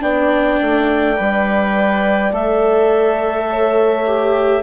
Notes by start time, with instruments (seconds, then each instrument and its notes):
0.00 bassoon B3, viola D4, horn D5, clarinet G5
0.61 bassoon A3
1.16 bassoon G3, viola B4
2.31 bassoon A3, viola A4, clarinet E5
3.49 horn C#5
4.06 viola G4